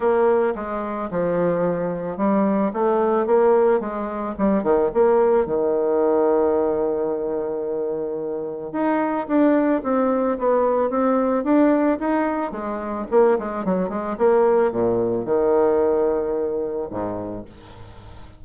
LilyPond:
\new Staff \with { instrumentName = "bassoon" } { \time 4/4 \tempo 4 = 110 ais4 gis4 f2 | g4 a4 ais4 gis4 | g8 dis8 ais4 dis2~ | dis1 |
dis'4 d'4 c'4 b4 | c'4 d'4 dis'4 gis4 | ais8 gis8 fis8 gis8 ais4 ais,4 | dis2. gis,4 | }